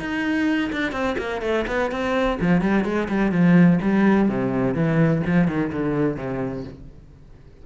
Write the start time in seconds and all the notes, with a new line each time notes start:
0.00 D#4
0.73 D4
0.93 C4
1.18 A#3
1.42 A3
1.68 B3
1.92 C4
2.41 F3
2.62 G3
2.85 G#3
3.09 G3
3.32 F3
3.82 G3
4.29 C3
4.75 E3
5.27 F3
5.48 D#3
5.73 D3
6.17 C3